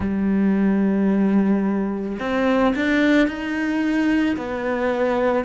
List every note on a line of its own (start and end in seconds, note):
0.00 2.18 G3
2.19 2.74 C4
2.75 3.27 D4
3.27 4.36 D#4
4.36 5.44 B3